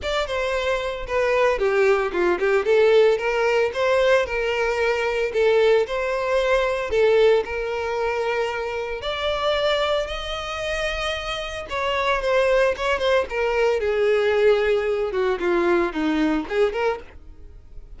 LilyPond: \new Staff \with { instrumentName = "violin" } { \time 4/4 \tempo 4 = 113 d''8 c''4. b'4 g'4 | f'8 g'8 a'4 ais'4 c''4 | ais'2 a'4 c''4~ | c''4 a'4 ais'2~ |
ais'4 d''2 dis''4~ | dis''2 cis''4 c''4 | cis''8 c''8 ais'4 gis'2~ | gis'8 fis'8 f'4 dis'4 gis'8 ais'8 | }